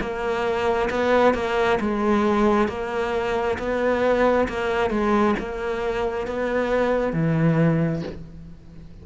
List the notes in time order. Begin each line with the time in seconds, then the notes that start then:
0.00 A#3
0.90 B3
1.34 A#3
1.80 G#3
2.68 A#3
3.59 B3
4.49 A#3
4.90 G#3
5.39 A#3
6.27 B3
7.13 E3